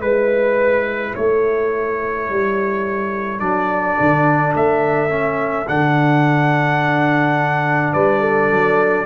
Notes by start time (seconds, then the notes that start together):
0.00 G#3 E4 B4
1.14 A3 A4 C#5
2.29 G3
3.39 F#3 D4 D5
4.00 D3
4.54 A3 E5
5.09 C#4
5.67 D3 D4 F#5
7.93 G3 B4 D5
8.20 A4
8.51 F#3